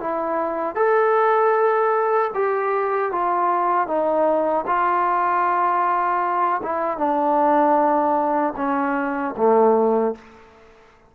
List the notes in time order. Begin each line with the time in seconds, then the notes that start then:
0.00 E4
0.75 A4
2.34 G4
3.11 F4
3.87 D#4
4.66 F4
6.62 E4
6.98 D4
8.56 C#4
9.37 A3